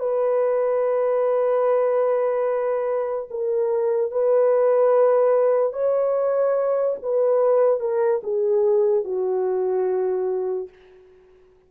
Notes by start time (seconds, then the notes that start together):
0.00 B4
3.31 A#4
4.11 B4
5.73 C#5
7.03 B4
7.80 A#4
8.23 G#4
9.05 F#4